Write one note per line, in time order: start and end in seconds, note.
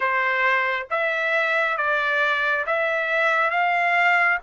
0.00 0.87 C5
0.90 1.76 E5
1.76 2.65 D5
2.66 3.50 E5
3.50 4.38 F5